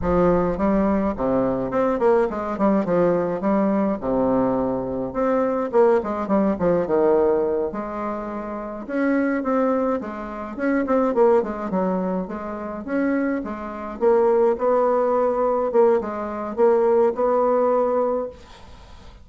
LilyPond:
\new Staff \with { instrumentName = "bassoon" } { \time 4/4 \tempo 4 = 105 f4 g4 c4 c'8 ais8 | gis8 g8 f4 g4 c4~ | c4 c'4 ais8 gis8 g8 f8 | dis4. gis2 cis'8~ |
cis'8 c'4 gis4 cis'8 c'8 ais8 | gis8 fis4 gis4 cis'4 gis8~ | gis8 ais4 b2 ais8 | gis4 ais4 b2 | }